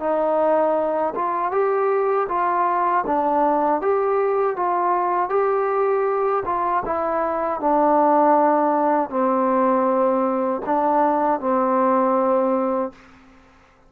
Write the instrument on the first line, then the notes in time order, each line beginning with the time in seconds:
trombone
0.00 D#4
1.15 F4
1.51 G4
2.29 F4
3.07 D4
3.81 G4
4.56 F4
5.30 G4
6.46 F4
6.85 E4
7.60 D4
9.10 C4
10.66 D4
11.40 C4